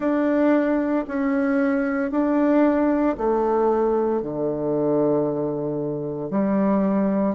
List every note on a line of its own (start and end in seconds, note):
0.00 1.05 D4
1.07 2.11 C#4
2.11 3.16 D4
3.17 4.22 A3
4.22 6.30 D3
6.30 7.34 G3